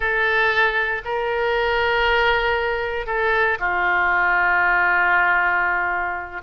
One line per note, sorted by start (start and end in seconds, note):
0.00 1.01 A4
1.04 3.06 A#4
3.06 3.58 A4
3.59 6.41 F4